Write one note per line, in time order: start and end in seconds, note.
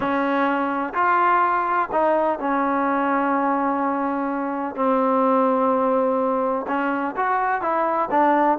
0.00 0.93 C#4
0.94 1.89 F4
1.92 2.39 D#4
2.39 4.75 C#4
4.75 6.66 C4
6.67 7.15 C#4
7.16 7.61 F#4
7.61 8.09 E4
8.10 8.58 D4